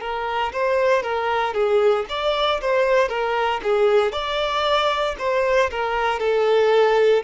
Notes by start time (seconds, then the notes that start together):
0.00 A#4
0.52 C5
1.02 A#4
1.53 G#4
2.09 D5
2.61 C5
3.08 A#4
3.63 G#4
4.11 D5
5.18 C5
5.70 A#4
6.19 A4